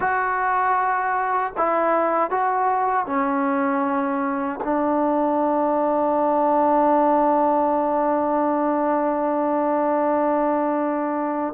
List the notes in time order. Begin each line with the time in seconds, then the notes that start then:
0.00 F#4
1.57 E4
2.30 F#4
3.06 C#4
4.64 D4